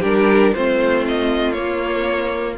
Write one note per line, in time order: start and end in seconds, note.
0.00 0.54 G3
0.00 0.55 D4
0.00 0.51 G4
0.00 0.55 A#4
0.54 1.58 A3
0.54 1.55 C4
0.54 2.59 F4
0.54 1.06 C5
1.08 1.53 D#5
1.53 2.58 A#3
1.53 2.59 A#3
1.53 2.55 C#5